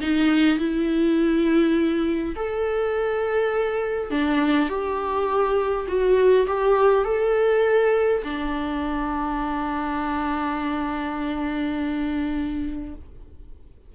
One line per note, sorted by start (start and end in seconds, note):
0.00 0.58 D#4
0.58 2.34 E4
2.35 4.10 A4
4.10 4.68 D4
4.68 5.86 G4
5.87 6.46 F#4
6.47 7.04 G4
7.04 8.22 A4
8.24 12.94 D4